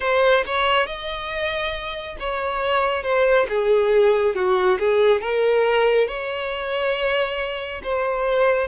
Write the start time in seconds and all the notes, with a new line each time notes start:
0.00 C5
0.46 C#5
0.86 D#5
2.19 C#5
3.03 C5
3.48 G#4
4.35 F#4
4.79 G#4
5.21 A#4
6.07 C#5
7.83 C5